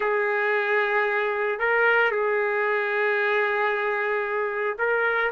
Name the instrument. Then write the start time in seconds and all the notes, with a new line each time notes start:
trumpet
0.00 G#4
1.59 A#4
2.11 G#4
4.78 A#4